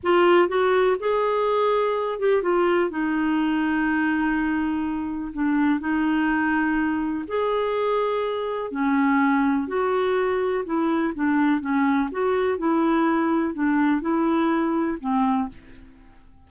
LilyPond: \new Staff \with { instrumentName = "clarinet" } { \time 4/4 \tempo 4 = 124 f'4 fis'4 gis'2~ | gis'8 g'8 f'4 dis'2~ | dis'2. d'4 | dis'2. gis'4~ |
gis'2 cis'2 | fis'2 e'4 d'4 | cis'4 fis'4 e'2 | d'4 e'2 c'4 | }